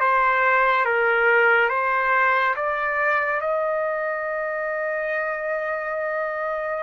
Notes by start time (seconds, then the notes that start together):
0.00 C5
0.85 A#4
1.69 C5
2.56 D5
3.41 D#5